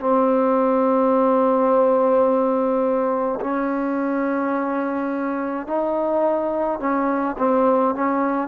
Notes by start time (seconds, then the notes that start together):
0.00 C4
3.41 C#4
5.67 D#4
6.80 C#4
7.38 C4
7.95 C#4